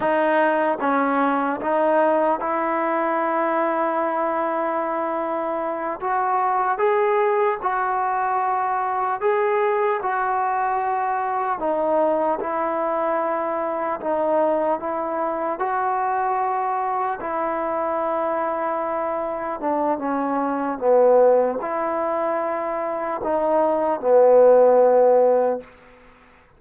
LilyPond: \new Staff \with { instrumentName = "trombone" } { \time 4/4 \tempo 4 = 75 dis'4 cis'4 dis'4 e'4~ | e'2.~ e'8 fis'8~ | fis'8 gis'4 fis'2 gis'8~ | gis'8 fis'2 dis'4 e'8~ |
e'4. dis'4 e'4 fis'8~ | fis'4. e'2~ e'8~ | e'8 d'8 cis'4 b4 e'4~ | e'4 dis'4 b2 | }